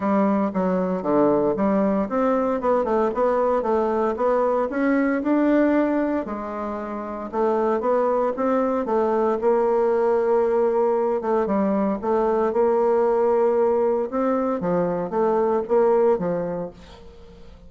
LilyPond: \new Staff \with { instrumentName = "bassoon" } { \time 4/4 \tempo 4 = 115 g4 fis4 d4 g4 | c'4 b8 a8 b4 a4 | b4 cis'4 d'2 | gis2 a4 b4 |
c'4 a4 ais2~ | ais4. a8 g4 a4 | ais2. c'4 | f4 a4 ais4 f4 | }